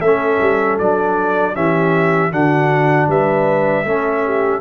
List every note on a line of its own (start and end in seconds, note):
0.00 0.38 A3
0.00 0.80 C#4
0.00 1.54 A4
0.00 0.78 E5
0.41 0.79 G3
0.79 1.56 F#3
0.79 1.54 D4
0.79 1.56 D5
1.54 2.32 E3
1.54 2.31 C#4
1.54 2.32 G4
1.54 2.33 E5
2.31 3.08 D3
2.31 3.85 D4
2.31 3.09 F#4
2.31 3.10 F#5
3.08 3.85 G3
3.08 3.85 B4
3.08 4.61 E5
3.85 4.61 A3
3.85 4.61 C#4
3.85 4.24 A4
4.25 4.61 G4